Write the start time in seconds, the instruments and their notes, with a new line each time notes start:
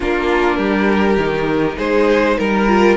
0.00 cello A#3, viola D4, violin F4 A#4
0.57 cello G3, violin G4
1.17 cello D#3, viola D#4
1.77 cello G#3, violin G#4 C5
2.37 cello G3, violin A#4
2.68 viola F4